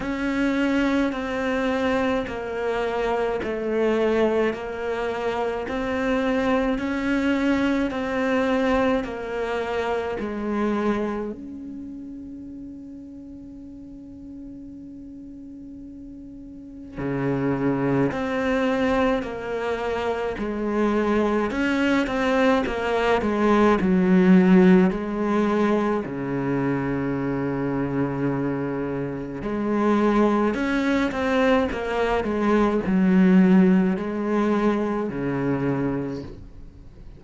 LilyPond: \new Staff \with { instrumentName = "cello" } { \time 4/4 \tempo 4 = 53 cis'4 c'4 ais4 a4 | ais4 c'4 cis'4 c'4 | ais4 gis4 cis'2~ | cis'2. cis4 |
c'4 ais4 gis4 cis'8 c'8 | ais8 gis8 fis4 gis4 cis4~ | cis2 gis4 cis'8 c'8 | ais8 gis8 fis4 gis4 cis4 | }